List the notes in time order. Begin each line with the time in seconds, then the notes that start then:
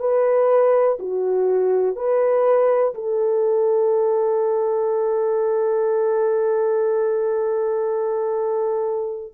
0.00 B4
1.00 F#4
1.96 B4
2.95 A4